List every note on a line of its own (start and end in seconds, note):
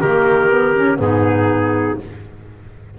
0.00 0.99 D#3
0.00 0.51 A#3
0.00 0.98 G4
0.00 1.00 A#4
0.51 0.75 B3
0.77 0.99 C#4
0.99 1.98 G#2
0.99 1.97 B3
0.99 2.00 D#4
0.99 2.00 G#4